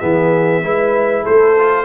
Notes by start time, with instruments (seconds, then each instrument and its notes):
0.00 tuba E3, trombone B3, horn G#4, trumpet E5
0.62 tuba G#3, trombone E4, horn B4
1.23 tuba A3, horn A4, trumpet C5
1.58 trombone F4